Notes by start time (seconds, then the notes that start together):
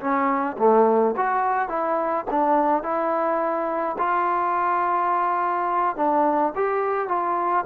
0.00 C#4
0.58 A3
1.17 F#4
1.68 E4
2.31 D4
2.83 E4
3.98 F4
5.96 D4
6.55 G4
7.08 F4